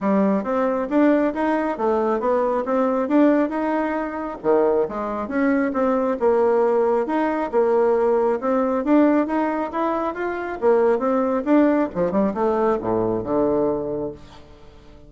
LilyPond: \new Staff \with { instrumentName = "bassoon" } { \time 4/4 \tempo 4 = 136 g4 c'4 d'4 dis'4 | a4 b4 c'4 d'4 | dis'2 dis4 gis4 | cis'4 c'4 ais2 |
dis'4 ais2 c'4 | d'4 dis'4 e'4 f'4 | ais4 c'4 d'4 f8 g8 | a4 a,4 d2 | }